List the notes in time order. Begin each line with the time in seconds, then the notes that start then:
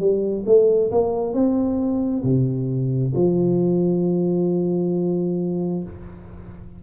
0.00 G3
0.46 A3
0.92 A#3
1.34 C4
2.24 C3
3.15 F3